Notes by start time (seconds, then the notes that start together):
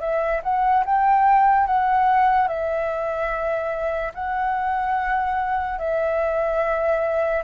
0.00 E5
0.43 F#5
0.85 G5
1.67 F#5
2.48 E5
4.14 F#5
5.78 E5